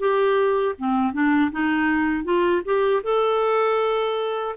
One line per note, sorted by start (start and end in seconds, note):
0.00 0.76 G4
0.79 1.13 C4
1.13 1.51 D4
1.52 2.25 D#4
2.25 2.63 F4
2.65 3.03 G4
3.04 4.56 A4